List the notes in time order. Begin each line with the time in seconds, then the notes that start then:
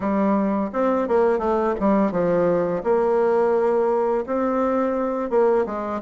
0.00 G3
0.73 C4
1.08 A#3
1.39 A3
1.79 G3
2.11 F3
2.83 A#3
4.26 C4
5.29 A#3
5.65 G#3